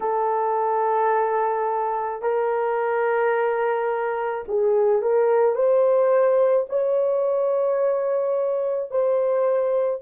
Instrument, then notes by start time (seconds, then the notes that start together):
horn
0.00 A4
2.22 A#4
4.47 G#4
5.02 A#4
5.55 C5
6.69 C#5
8.90 C5